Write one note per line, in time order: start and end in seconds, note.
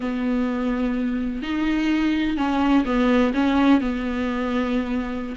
0.00 1.42 B3
1.42 2.37 D#4
2.37 2.84 C#4
2.85 3.32 B3
3.33 3.81 C#4
3.81 5.35 B3